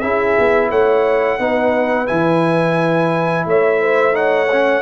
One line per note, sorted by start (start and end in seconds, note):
0.00 0.37 C#4
0.00 1.39 E4
0.00 0.69 G#4
0.00 0.69 E5
0.39 0.70 B3
0.69 1.39 A3
0.69 1.38 C#5
0.69 2.07 F#5
1.39 2.08 B3
1.39 2.07 D#4
1.39 3.47 B4
2.07 3.45 E3
2.07 4.12 E4
2.07 3.45 G#5
3.45 4.81 A3
3.45 3.80 C#5
3.45 4.15 E5
3.80 4.15 C5
4.12 4.47 D#4
4.12 4.81 C#5
4.12 4.81 F#5
4.51 4.81 C#4